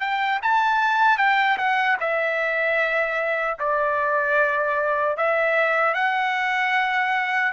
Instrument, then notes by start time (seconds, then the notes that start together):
trumpet
0.00 G5
0.42 A5
1.18 G5
1.58 F#5
2.00 E5
3.59 D5
5.17 E5
5.94 F#5